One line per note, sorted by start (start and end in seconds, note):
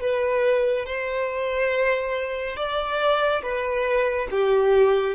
0.00 0.85 B4
0.85 2.56 C5
2.56 3.42 D5
3.42 4.28 B4
4.31 5.14 G4